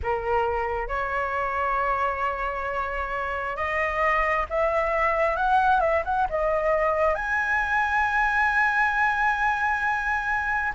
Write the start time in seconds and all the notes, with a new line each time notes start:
0.02 A#4
0.88 C#5
3.56 D#5
4.49 E5
5.36 F#5
5.80 E5
6.04 F#5
6.29 D#5
7.14 G#5